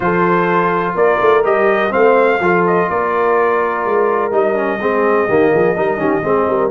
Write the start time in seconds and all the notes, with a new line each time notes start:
0.00 F3 F4 A4 C5
0.95 A#3 A#4 D5
1.21 A3
1.44 G3 G4 D#5
1.90 A3 C4 C5 F5
2.39 F3 F4 A4
2.66 D#5
2.89 A#3 A#4 D5
3.85 G#3
4.31 G3 D#4 D#5
4.55 C#4
4.79 G#3 C4 G#4
5.27 D#3 A#3 G4
5.53 F3 G#4
5.75 G3 D#4 A#4
5.97 D#3 C#4 G4
6.22 G#3 C4 G#4
6.48 G3 A#4